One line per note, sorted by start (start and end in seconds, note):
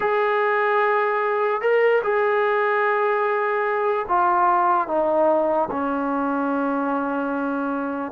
0.00 1.61 G#4
1.61 2.02 A#4
2.03 4.05 G#4
4.08 4.87 F4
4.87 5.68 D#4
5.70 8.12 C#4